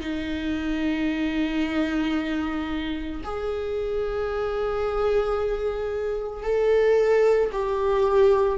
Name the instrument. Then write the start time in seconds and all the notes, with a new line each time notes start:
viola
0.00 D#4
3.23 G#4
6.42 A4
7.52 G4